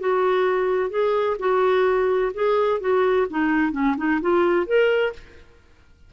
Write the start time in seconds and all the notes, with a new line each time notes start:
0.00 F#4
0.90 G#4
1.39 F#4
2.34 G#4
2.80 F#4
3.30 D#4
3.72 C#4
3.97 D#4
4.21 F4
4.67 A#4